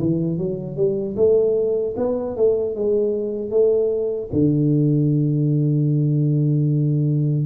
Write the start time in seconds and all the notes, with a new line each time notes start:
0.00 E3
0.38 F#3
0.77 G3
1.17 A3
1.97 B3
2.37 A3
2.76 G#3
3.51 A3
4.33 D3